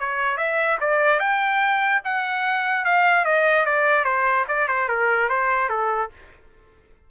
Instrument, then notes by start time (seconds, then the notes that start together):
trumpet
0.00 C#5
0.37 E5
0.81 D5
1.20 G5
2.05 F#5
2.85 F5
3.25 D#5
3.66 D5
4.05 C5
4.48 D5
4.68 C5
4.89 A#4
5.29 C5
5.69 A4